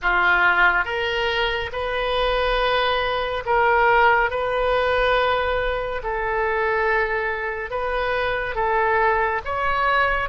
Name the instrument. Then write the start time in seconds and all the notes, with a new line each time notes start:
oboe
0.02 F4
0.84 A#4
1.72 B4
3.45 A#4
4.30 B4
6.03 A4
7.70 B4
8.55 A4
9.44 C#5